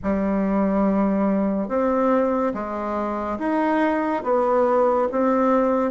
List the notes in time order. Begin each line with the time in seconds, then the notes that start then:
0.03 G3
1.68 C4
2.54 G#3
3.38 D#4
4.23 B3
5.11 C4